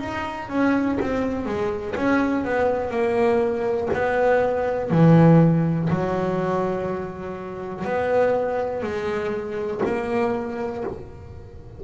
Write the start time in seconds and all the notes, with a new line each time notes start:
0.00 D#4
0.49 C#4
1.01 C4
1.46 G#3
1.96 C#4
2.45 B3
2.91 A#3
3.93 B3
4.91 E3
5.90 F#3
7.85 B3
8.83 G#3
9.85 A#3